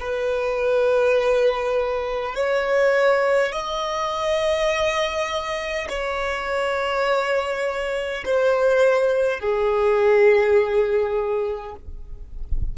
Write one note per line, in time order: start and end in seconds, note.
0.00 2.35 B4
2.35 3.53 C#5
3.53 5.88 D#5
5.89 8.25 C#5
8.26 9.40 C5
9.40 11.75 G#4